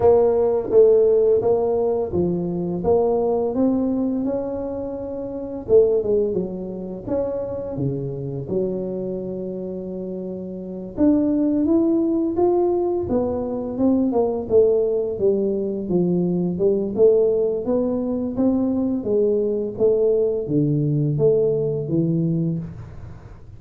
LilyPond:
\new Staff \with { instrumentName = "tuba" } { \time 4/4 \tempo 4 = 85 ais4 a4 ais4 f4 | ais4 c'4 cis'2 | a8 gis8 fis4 cis'4 cis4 | fis2.~ fis8 d'8~ |
d'8 e'4 f'4 b4 c'8 | ais8 a4 g4 f4 g8 | a4 b4 c'4 gis4 | a4 d4 a4 e4 | }